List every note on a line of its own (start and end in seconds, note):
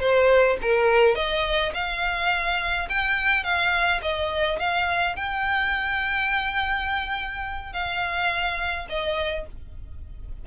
0.00 0.57 C5
0.62 1.15 A#4
1.15 1.72 D#5
1.74 2.88 F5
2.89 3.44 G5
3.44 4.01 F5
4.02 4.59 D#5
4.59 5.16 F5
5.16 7.73 G5
7.73 8.87 F5
8.89 9.46 D#5